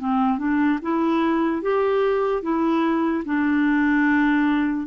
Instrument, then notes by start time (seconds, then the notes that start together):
clarinet
0.00 C4
0.39 D4
0.82 E4
1.62 G4
2.43 E4
3.25 D4